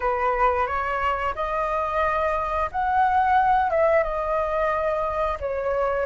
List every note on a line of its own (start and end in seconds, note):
0.00 0.66 B4
0.66 1.34 C#5
1.35 2.70 D#5
2.71 3.70 F#5
3.70 4.03 E5
4.03 5.37 D#5
5.40 6.06 C#5